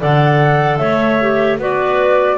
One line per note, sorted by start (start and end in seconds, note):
0.00 0.80 D3
0.00 1.20 A4
0.00 0.80 D5
0.00 0.78 F#5
0.78 1.59 A3
0.78 1.60 C#5
0.78 1.58 E5
1.21 1.59 G4
1.59 2.38 B3
1.59 2.38 F#4
1.59 2.38 B4
1.59 2.38 D5